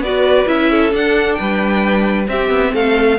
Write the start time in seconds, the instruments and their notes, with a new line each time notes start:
0.00 cello B3, viola F#4, violin B4 D5
0.47 cello C#4, viola E4, violin E5
0.72 violin A4
0.91 viola D4, cello D4, violin F#5
1.34 cello G3, violin B4 G5
2.27 viola C4, cello C4, violin G4 E5
2.50 cello B3
2.74 cello A3, violin A4 F5